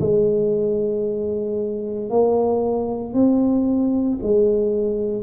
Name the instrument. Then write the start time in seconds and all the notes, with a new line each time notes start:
tuba
0.00 G#3
2.10 A#3
3.14 C4
4.23 G#3